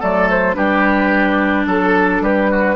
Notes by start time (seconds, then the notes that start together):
0.00 F#3 A3 A4 D5
0.30 C5
0.55 G3 D4 G4 B4
1.67 F#3 A4
2.21 G3 G4 B4
2.51 F#4